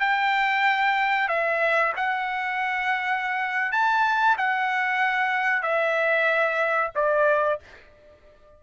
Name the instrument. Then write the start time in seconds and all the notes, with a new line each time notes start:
trumpet
0.00 G5
1.28 E5
1.96 F#5
3.72 A5
4.38 F#5
5.62 E5
6.95 D5